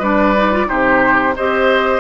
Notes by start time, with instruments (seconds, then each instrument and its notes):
0.00 bassoon G3, clarinet D4, oboe B4, flute D5
0.36 clarinet D#4
0.53 clarinet F4
0.67 bassoon C3, clarinet D#4, oboe G4, flute C5
1.36 bassoon C4, clarinet G4, oboe C5, flute D#5